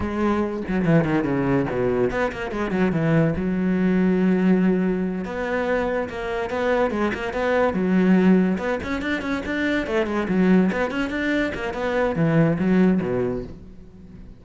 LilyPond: \new Staff \with { instrumentName = "cello" } { \time 4/4 \tempo 4 = 143 gis4. fis8 e8 dis8 cis4 | b,4 b8 ais8 gis8 fis8 e4 | fis1~ | fis8 b2 ais4 b8~ |
b8 gis8 ais8 b4 fis4.~ | fis8 b8 cis'8 d'8 cis'8 d'4 a8 | gis8 fis4 b8 cis'8 d'4 ais8 | b4 e4 fis4 b,4 | }